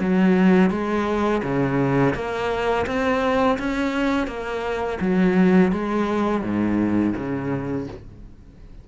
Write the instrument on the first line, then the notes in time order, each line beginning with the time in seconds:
cello
0.00 F#3
0.70 G#3
1.43 C#3
2.15 A#3
2.86 C4
3.59 C#4
4.27 A#3
5.01 F#3
5.72 G#3
6.42 G#2
7.16 C#3